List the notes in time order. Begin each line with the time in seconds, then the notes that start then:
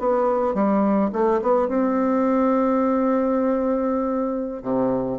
0.00 B3
0.55 G3
1.13 A3
1.42 B3
1.69 C4
4.63 C3